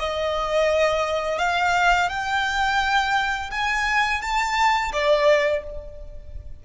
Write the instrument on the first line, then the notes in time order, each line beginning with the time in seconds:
violin
0.00 D#5
1.39 F5
2.10 G5
3.51 G#5
4.22 A5
4.93 D5